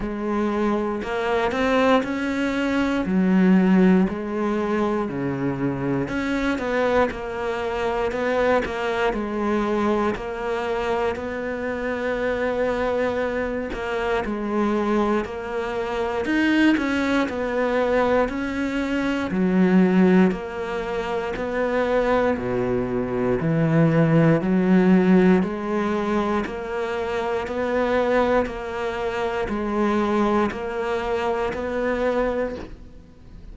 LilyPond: \new Staff \with { instrumentName = "cello" } { \time 4/4 \tempo 4 = 59 gis4 ais8 c'8 cis'4 fis4 | gis4 cis4 cis'8 b8 ais4 | b8 ais8 gis4 ais4 b4~ | b4. ais8 gis4 ais4 |
dis'8 cis'8 b4 cis'4 fis4 | ais4 b4 b,4 e4 | fis4 gis4 ais4 b4 | ais4 gis4 ais4 b4 | }